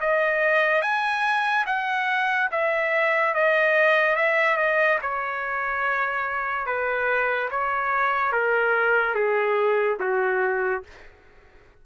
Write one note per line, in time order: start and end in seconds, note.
0.00 0.81 D#5
0.81 1.65 G#5
1.66 2.49 F#5
2.51 3.34 E5
3.34 4.16 D#5
4.16 4.56 E5
4.56 4.98 D#5
5.02 6.66 C#5
6.66 7.49 B4
7.50 8.32 C#5
8.32 9.14 A#4
9.14 9.98 G#4
9.99 10.83 F#4